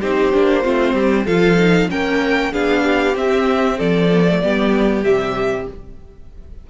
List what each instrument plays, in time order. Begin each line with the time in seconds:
0.00 cello C4, viola D#4, violin G4 C5
0.32 cello A#3, viola D4
0.63 cello A3, viola C4, violin F4
0.94 cello G3, violin G4
1.25 cello F3, viola F4, violin A4 F5
1.57 viola D#4
1.89 cello A#3, viola C#4, violin A#4 G5
2.52 cello B3, viola D4, violin G#4 F5
2.84 violin G4
3.14 viola C4, cello C4, violin E5
3.77 cello F3, violin A4 D5
4.12 viola B3
4.27 viola A3
4.41 cello G3, viola B3, violin G4
5.03 cello C3, viola G3, violin E5